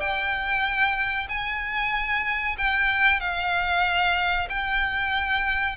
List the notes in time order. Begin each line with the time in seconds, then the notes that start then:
0.00 G5
1.28 G#5
2.58 G5
3.20 F5
4.49 G5